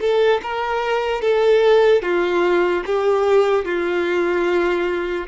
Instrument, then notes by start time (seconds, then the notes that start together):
violin
0.00 A4
0.42 A#4
1.21 A4
2.02 F4
2.85 G4
3.64 F4